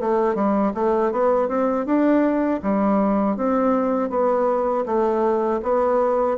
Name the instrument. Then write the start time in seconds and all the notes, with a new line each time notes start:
bassoon
0.00 A3
0.35 G3
0.74 A3
1.11 B3
1.48 C4
1.85 D4
2.62 G3
3.36 C4
4.10 B3
4.85 A3
5.62 B3